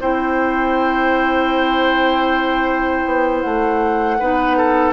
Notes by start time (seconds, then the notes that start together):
0.00 C4 E4 C5 G5
3.05 B3
3.40 A3 F#5
4.19 B3 D#4 B4
4.57 A4